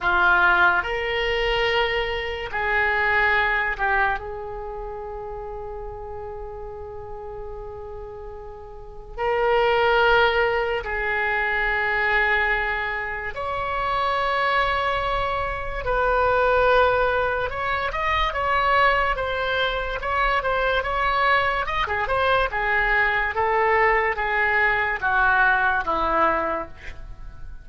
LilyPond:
\new Staff \with { instrumentName = "oboe" } { \time 4/4 \tempo 4 = 72 f'4 ais'2 gis'4~ | gis'8 g'8 gis'2.~ | gis'2. ais'4~ | ais'4 gis'2. |
cis''2. b'4~ | b'4 cis''8 dis''8 cis''4 c''4 | cis''8 c''8 cis''4 dis''16 gis'16 c''8 gis'4 | a'4 gis'4 fis'4 e'4 | }